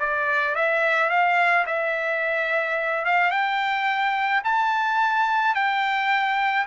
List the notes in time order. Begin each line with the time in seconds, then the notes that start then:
0.00 D5
0.56 E5
1.10 F5
1.67 E5
3.06 F5
3.31 G5
4.44 A5
5.55 G5